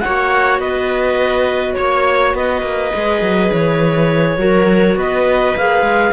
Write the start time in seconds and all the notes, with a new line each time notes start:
0.00 F#4 C#5 F#5
0.06 A#3
0.59 B3 B4 D#5
1.74 A#3 C#5
2.34 B3 B4 D#5
2.62 A#3
2.93 G#3 G#4
3.21 F#3
3.52 E3 C#5
4.37 F#3 F#4 A#4
4.95 B3 B4 D#5
5.57 A#3 G#4 F5
5.82 G#3